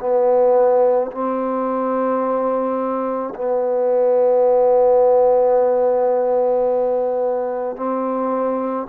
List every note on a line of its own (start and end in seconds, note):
0.00 1.11 B3
1.12 3.34 C4
3.35 7.76 B3
7.76 8.87 C4